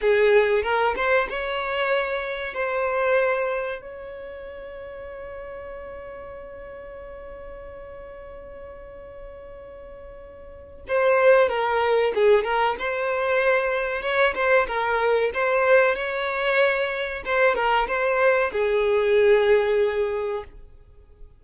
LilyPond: \new Staff \with { instrumentName = "violin" } { \time 4/4 \tempo 4 = 94 gis'4 ais'8 c''8 cis''2 | c''2 cis''2~ | cis''1~ | cis''1~ |
cis''4 c''4 ais'4 gis'8 ais'8 | c''2 cis''8 c''8 ais'4 | c''4 cis''2 c''8 ais'8 | c''4 gis'2. | }